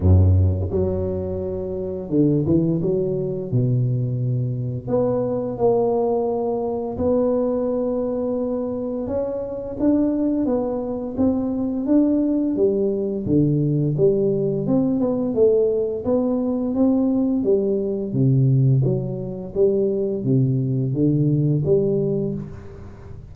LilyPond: \new Staff \with { instrumentName = "tuba" } { \time 4/4 \tempo 4 = 86 fis,4 fis2 d8 e8 | fis4 b,2 b4 | ais2 b2~ | b4 cis'4 d'4 b4 |
c'4 d'4 g4 d4 | g4 c'8 b8 a4 b4 | c'4 g4 c4 fis4 | g4 c4 d4 g4 | }